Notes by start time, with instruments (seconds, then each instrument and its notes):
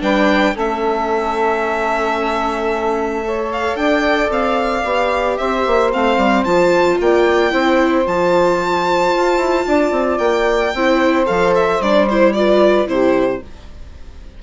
0.00 bassoon G3, viola D4, saxophone B4, violin G5
0.54 bassoon A3, viola C#4, saxophone A4, violin E5
3.24 viola A4, saxophone C#5
3.52 violin F5
3.75 bassoon D4, saxophone D5, violin G5
4.29 bassoon C4, violin F5
4.84 bassoon B3, viola G4
5.37 bassoon C4, saxophone C5, violin E5
5.67 bassoon A#3
5.92 bassoon A3, viola C4, violin F5
6.17 bassoon G3
6.44 bassoon F3, viola F4, violin A5
7.00 bassoon A#3, saxophone D5, violin G5
7.50 bassoon C4, viola E4, saxophone C5
8.04 bassoon F3, viola F4, violin A5
9.16 bassoon F4
9.37 bassoon E4
9.67 bassoon D4, saxophone D5
9.91 bassoon C4
10.18 bassoon A#3, violin G5
10.74 bassoon C4, viola E4, saxophone C5
11.26 bassoon F3, viola A4, violin F5
11.55 violin E5
11.80 bassoon G3, viola D4, violin D5
12.09 viola E4, violin C5
12.33 viola F4, saxophone B4, violin D5
12.86 bassoon C3, viola E4, saxophone G4, violin C5